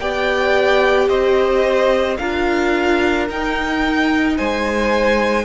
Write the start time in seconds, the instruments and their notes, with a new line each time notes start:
0.00 cello B3, viola G4, violin D5 G5
1.09 cello C4, violin C5 D#5
2.17 cello D4, viola F4, violin A#4 F5
3.30 cello D#4, viola D#4, violin G5
4.37 cello G#3, violin C5 G#5